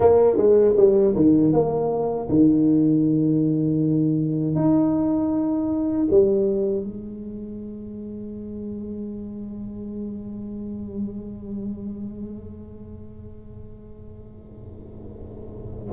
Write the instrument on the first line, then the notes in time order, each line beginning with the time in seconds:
tuba
0.00 A#3
0.37 G#3
0.76 G3
1.15 D#3
1.52 A#3
2.29 D#3
4.55 D#4
6.10 G3
6.83 G#3